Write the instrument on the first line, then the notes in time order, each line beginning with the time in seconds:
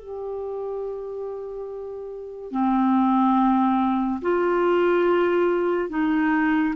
clarinet
0.00 G4
2.52 C4
4.22 F4
5.90 D#4